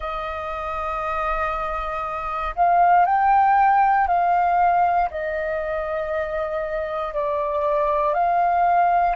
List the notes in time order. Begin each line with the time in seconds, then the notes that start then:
0.00 D#5
2.55 F5
3.05 G5
4.07 F5
5.10 D#5
7.14 D5
8.14 F5